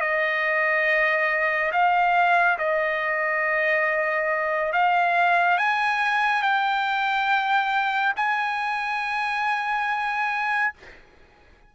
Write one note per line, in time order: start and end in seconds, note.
0.00 1.71 D#5
1.72 2.58 F5
2.58 4.72 D#5
4.72 5.57 F5
5.57 6.42 G#5
6.42 8.13 G5
8.16 10.73 G#5